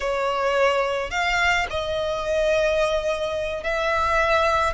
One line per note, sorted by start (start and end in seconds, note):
0.00 1.10 C#5
1.10 1.66 F5
1.70 3.63 D#5
3.63 4.73 E5